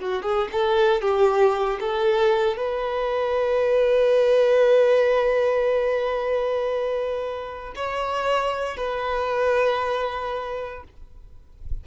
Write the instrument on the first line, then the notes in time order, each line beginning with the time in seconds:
violin
0.00 F#4
0.23 G#4
0.52 A4
1.02 G4
1.81 A4
2.57 B4
7.76 C#5
8.77 B4